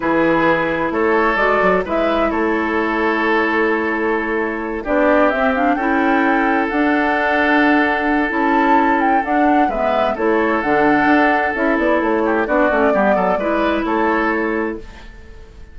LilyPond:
<<
  \new Staff \with { instrumentName = "flute" } { \time 4/4 \tempo 4 = 130 b'2 cis''4 d''4 | e''4 cis''2.~ | cis''2~ cis''8 d''4 e''8 | f''8 g''2 fis''4.~ |
fis''2 a''4. g''8 | fis''4 e''4 cis''4 fis''4~ | fis''4 e''8 d''8 cis''4 d''4~ | d''2 cis''2 | }
  \new Staff \with { instrumentName = "oboe" } { \time 4/4 gis'2 a'2 | b'4 a'2.~ | a'2~ a'8 g'4.~ | g'8 a'2.~ a'8~ |
a'1~ | a'4 b'4 a'2~ | a'2~ a'8 g'8 fis'4 | g'8 a'8 b'4 a'2 | }
  \new Staff \with { instrumentName = "clarinet" } { \time 4/4 e'2. fis'4 | e'1~ | e'2~ e'8 d'4 c'8 | d'8 e'2 d'4.~ |
d'2 e'2 | d'4 b4 e'4 d'4~ | d'4 e'2 d'8 cis'8 | b4 e'2. | }
  \new Staff \with { instrumentName = "bassoon" } { \time 4/4 e2 a4 gis8 fis8 | gis4 a2.~ | a2~ a8 b4 c'8~ | c'8 cis'2 d'4.~ |
d'2 cis'2 | d'4 gis4 a4 d4 | d'4 cis'8 b8 a4 b8 a8 | g8 fis8 gis4 a2 | }
>>